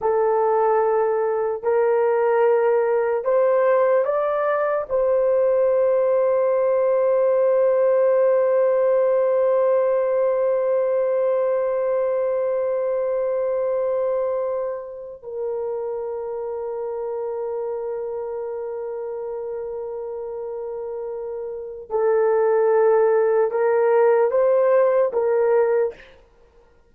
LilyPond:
\new Staff \with { instrumentName = "horn" } { \time 4/4 \tempo 4 = 74 a'2 ais'2 | c''4 d''4 c''2~ | c''1~ | c''1~ |
c''2~ c''8. ais'4~ ais'16~ | ais'1~ | ais'2. a'4~ | a'4 ais'4 c''4 ais'4 | }